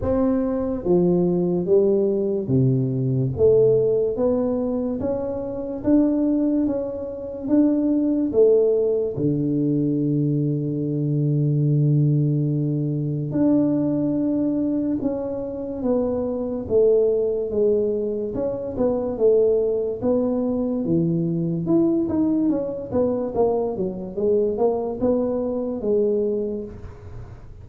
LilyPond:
\new Staff \with { instrumentName = "tuba" } { \time 4/4 \tempo 4 = 72 c'4 f4 g4 c4 | a4 b4 cis'4 d'4 | cis'4 d'4 a4 d4~ | d1 |
d'2 cis'4 b4 | a4 gis4 cis'8 b8 a4 | b4 e4 e'8 dis'8 cis'8 b8 | ais8 fis8 gis8 ais8 b4 gis4 | }